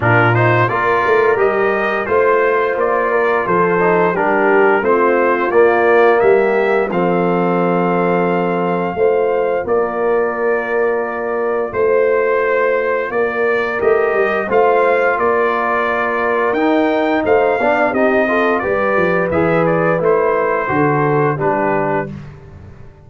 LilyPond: <<
  \new Staff \with { instrumentName = "trumpet" } { \time 4/4 \tempo 4 = 87 ais'8 c''8 d''4 dis''4 c''4 | d''4 c''4 ais'4 c''4 | d''4 e''4 f''2~ | f''2 d''2~ |
d''4 c''2 d''4 | dis''4 f''4 d''2 | g''4 f''4 dis''4 d''4 | e''8 d''8 c''2 b'4 | }
  \new Staff \with { instrumentName = "horn" } { \time 4/4 f'4 ais'2 c''4~ | c''8 ais'8 a'4 g'4 f'4~ | f'4 g'4 a'2~ | a'4 c''4 ais'2~ |
ais'4 c''2 ais'4~ | ais'4 c''4 ais'2~ | ais'4 c''8 d''8 g'8 a'8 b'4~ | b'2 a'4 g'4 | }
  \new Staff \with { instrumentName = "trombone" } { \time 4/4 d'8 dis'8 f'4 g'4 f'4~ | f'4. dis'8 d'4 c'4 | ais2 c'2~ | c'4 f'2.~ |
f'1 | g'4 f'2. | dis'4. d'8 dis'8 f'8 g'4 | gis'4 e'4 fis'4 d'4 | }
  \new Staff \with { instrumentName = "tuba" } { \time 4/4 ais,4 ais8 a8 g4 a4 | ais4 f4 g4 a4 | ais4 g4 f2~ | f4 a4 ais2~ |
ais4 a2 ais4 | a8 g8 a4 ais2 | dis'4 a8 b8 c'4 g8 f8 | e4 a4 d4 g4 | }
>>